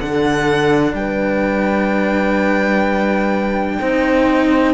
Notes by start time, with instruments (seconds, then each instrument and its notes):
0.00 cello D3 D4, horn A4, violin F#5
0.92 cello G3, horn B4, violin G5
3.80 cello C4 D#4, horn C5